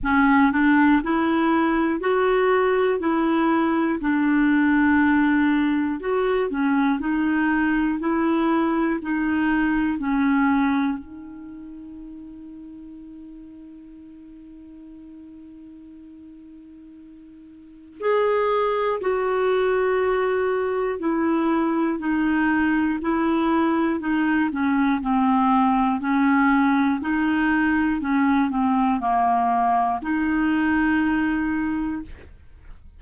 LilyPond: \new Staff \with { instrumentName = "clarinet" } { \time 4/4 \tempo 4 = 60 cis'8 d'8 e'4 fis'4 e'4 | d'2 fis'8 cis'8 dis'4 | e'4 dis'4 cis'4 dis'4~ | dis'1~ |
dis'2 gis'4 fis'4~ | fis'4 e'4 dis'4 e'4 | dis'8 cis'8 c'4 cis'4 dis'4 | cis'8 c'8 ais4 dis'2 | }